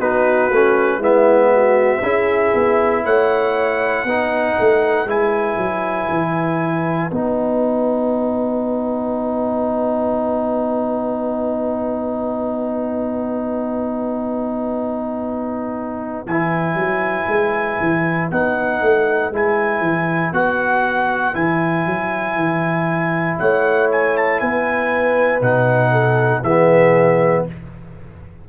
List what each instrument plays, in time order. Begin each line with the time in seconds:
0.00 tuba B3, trombone D#4, horn F#4, trumpet B4
0.50 tuba A3, trombone C#4
0.98 tuba G#3, trombone B3, horn E4, trumpet E5
1.54 horn F#4
2.01 tuba C#4, trombone E4, horn G#4
2.54 tuba B3
3.05 tuba A3, horn C#5, trumpet F#5
4.04 tuba B3, trombone D#4, horn B4
4.60 tuba A3
5.06 tuba G#3, trombone E4, trumpet G#5
5.57 tuba F#3
6.09 tuba E3
7.11 tuba B3, trombone D#4, trumpet F#5
16.26 tuba E3, trombone E4, trumpet G#5
16.74 tuba F#3
17.28 tuba G#3
17.81 tuba E3
18.31 tuba B3, trombone D#4, trumpet F#5
18.81 tuba A3
19.31 tuba G#3, trombone E4, trumpet G#5
19.81 tuba E3
20.33 tuba B3, trombone F#4, trumpet F#5
21.34 tuba E3, trombone E4, trumpet G#5
21.86 tuba F#3
22.36 tuba E3
23.39 tuba A3, horn C#5, trumpet F#5
23.92 trumpet G#5
24.17 trumpet A5
24.40 tuba B3, horn B4, trumpet G#5
25.41 tuba B2, trombone D#4, trumpet F#5
25.92 horn A4
26.43 tuba E3, trombone B3, horn G#4, trumpet E5